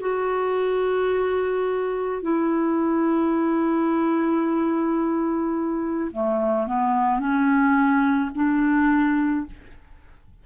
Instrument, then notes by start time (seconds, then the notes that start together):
clarinet
0.00 F#4
2.22 E4
6.12 A3
6.67 B3
7.19 C#4
8.35 D4